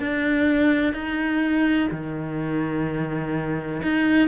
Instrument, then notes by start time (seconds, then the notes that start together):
cello
0.00 D4
0.94 D#4
1.91 D#3
3.83 D#4